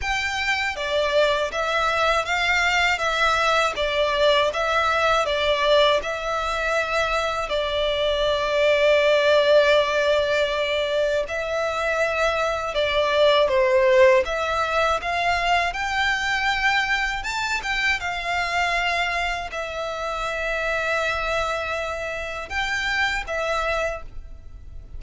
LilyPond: \new Staff \with { instrumentName = "violin" } { \time 4/4 \tempo 4 = 80 g''4 d''4 e''4 f''4 | e''4 d''4 e''4 d''4 | e''2 d''2~ | d''2. e''4~ |
e''4 d''4 c''4 e''4 | f''4 g''2 a''8 g''8 | f''2 e''2~ | e''2 g''4 e''4 | }